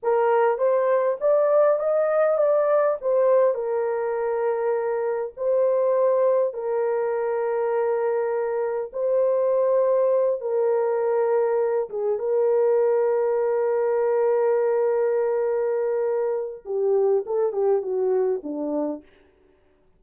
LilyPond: \new Staff \with { instrumentName = "horn" } { \time 4/4 \tempo 4 = 101 ais'4 c''4 d''4 dis''4 | d''4 c''4 ais'2~ | ais'4 c''2 ais'4~ | ais'2. c''4~ |
c''4. ais'2~ ais'8 | gis'8 ais'2.~ ais'8~ | ais'1 | g'4 a'8 g'8 fis'4 d'4 | }